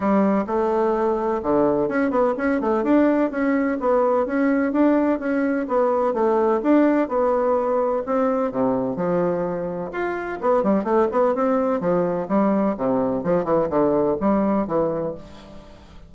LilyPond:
\new Staff \with { instrumentName = "bassoon" } { \time 4/4 \tempo 4 = 127 g4 a2 d4 | cis'8 b8 cis'8 a8 d'4 cis'4 | b4 cis'4 d'4 cis'4 | b4 a4 d'4 b4~ |
b4 c'4 c4 f4~ | f4 f'4 b8 g8 a8 b8 | c'4 f4 g4 c4 | f8 e8 d4 g4 e4 | }